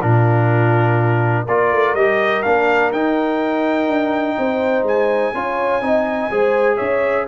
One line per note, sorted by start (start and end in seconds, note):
0.00 1.47 A#2
0.00 1.47 D4
0.00 1.44 F4
0.00 1.47 A#4
1.44 1.71 A#3
1.44 1.96 F4
1.44 4.35 A#4
1.44 1.94 D5
1.71 1.93 A3
1.93 2.42 G3
1.93 2.44 G4
1.93 2.42 D#5
2.42 2.91 A#3
2.42 2.92 D4
2.42 2.90 F5
2.91 3.87 D#4
2.91 5.34 D#4
2.91 4.85 G5
3.87 4.36 D4
4.38 4.82 C4
4.38 5.34 C5
4.82 5.31 G#3
4.82 6.77 G#5
5.33 5.81 C#4
5.33 5.81 F4
5.33 5.82 C#5
5.81 6.29 C4
5.81 6.30 D#4
5.81 6.30 D#5
6.30 6.79 G#3
6.30 7.27 G#4
6.30 6.76 C5
6.76 7.28 C#4
6.76 7.24 C#5
6.76 7.25 E5